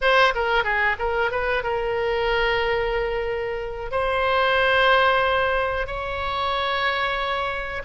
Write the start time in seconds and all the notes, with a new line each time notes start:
0.01 C5
0.34 A#4
0.63 G#4
0.98 A#4
1.31 B4
1.63 A#4
3.91 C5
5.87 C#5